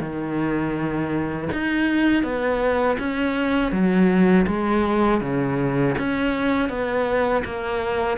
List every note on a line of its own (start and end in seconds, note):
0.00 1.48 D#3
1.53 2.23 D#4
2.23 2.97 B3
2.99 3.72 C#4
3.72 4.46 F#3
4.47 5.21 G#3
5.21 5.95 C#3
5.98 6.69 C#4
6.69 7.43 B3
7.44 8.18 A#3